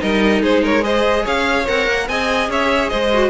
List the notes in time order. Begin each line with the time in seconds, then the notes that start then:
0.00 G3 D#4 A#4 D#5
0.42 G#3 G#4 C5
0.63 A#4 C#5
0.82 G#4 C5 D#5
1.24 C#4 C#5 F5
1.68 C4 A#4 F#5
1.88 A#3
2.09 C4 G#4 D#5 G#5
2.49 C#4 C#5 E5
2.90 G#3 C5 D#5
3.14 F#4